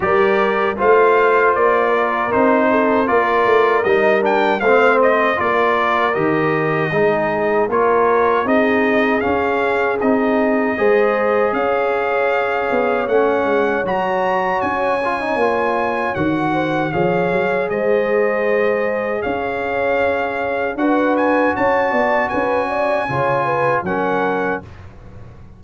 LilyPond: <<
  \new Staff \with { instrumentName = "trumpet" } { \time 4/4 \tempo 4 = 78 d''4 f''4 d''4 c''4 | d''4 dis''8 g''8 f''8 dis''8 d''4 | dis''2 cis''4 dis''4 | f''4 dis''2 f''4~ |
f''4 fis''4 ais''4 gis''4~ | gis''4 fis''4 f''4 dis''4~ | dis''4 f''2 fis''8 gis''8 | a''4 gis''2 fis''4 | }
  \new Staff \with { instrumentName = "horn" } { \time 4/4 ais'4 c''4. ais'4 a'8 | ais'2 c''4 ais'4~ | ais'4 gis'4 ais'4 gis'4~ | gis'2 c''4 cis''4~ |
cis''1~ | cis''4. c''8 cis''4 c''4~ | c''4 cis''2 b'4 | cis''8 d''8 b'8 d''8 cis''8 b'8 ais'4 | }
  \new Staff \with { instrumentName = "trombone" } { \time 4/4 g'4 f'2 dis'4 | f'4 dis'8 d'8 c'4 f'4 | g'4 dis'4 f'4 dis'4 | cis'4 dis'4 gis'2~ |
gis'4 cis'4 fis'4. f'16 dis'16 | f'4 fis'4 gis'2~ | gis'2. fis'4~ | fis'2 f'4 cis'4 | }
  \new Staff \with { instrumentName = "tuba" } { \time 4/4 g4 a4 ais4 c'4 | ais8 a8 g4 a4 ais4 | dis4 gis4 ais4 c'4 | cis'4 c'4 gis4 cis'4~ |
cis'8 b8 a8 gis8 fis4 cis'4 | ais4 dis4 f8 fis8 gis4~ | gis4 cis'2 d'4 | cis'8 b8 cis'4 cis4 fis4 | }
>>